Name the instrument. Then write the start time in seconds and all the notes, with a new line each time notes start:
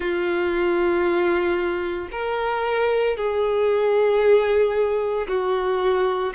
violin
0.00 F4
2.11 A#4
3.16 G#4
5.28 F#4